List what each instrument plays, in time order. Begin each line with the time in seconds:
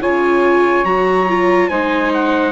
0.00 bassoon C#3, viola F4, saxophone C#5, trumpet G#5
0.84 bassoon F#3, viola F#4, trumpet A#5
1.29 viola F4
1.69 bassoon G#3, viola D#4, saxophone C5, trumpet G#5
2.14 trumpet F#5